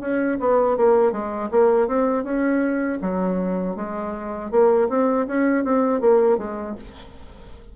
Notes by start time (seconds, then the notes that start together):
0.00 C#4
0.39 B3
0.77 A#3
1.11 G#3
1.51 A#3
1.87 C4
2.24 C#4
3.01 F#3
3.75 G#3
4.50 A#3
4.89 C4
5.26 C#4
5.64 C4
6.00 A#3
6.38 G#3